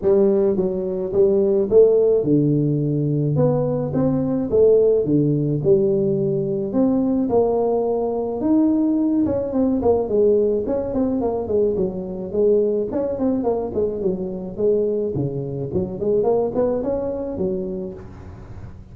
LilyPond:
\new Staff \with { instrumentName = "tuba" } { \time 4/4 \tempo 4 = 107 g4 fis4 g4 a4 | d2 b4 c'4 | a4 d4 g2 | c'4 ais2 dis'4~ |
dis'8 cis'8 c'8 ais8 gis4 cis'8 c'8 | ais8 gis8 fis4 gis4 cis'8 c'8 | ais8 gis8 fis4 gis4 cis4 | fis8 gis8 ais8 b8 cis'4 fis4 | }